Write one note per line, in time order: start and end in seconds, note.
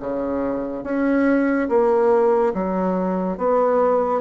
0.00 0.84 C#3
0.84 1.68 C#4
1.69 2.54 A#3
2.54 3.38 F#3
3.38 4.21 B3